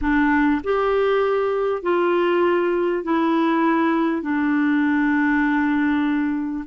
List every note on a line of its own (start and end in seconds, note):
0.01 0.61 D4
0.63 1.82 G4
1.82 3.03 F4
3.03 4.21 E4
4.21 6.64 D4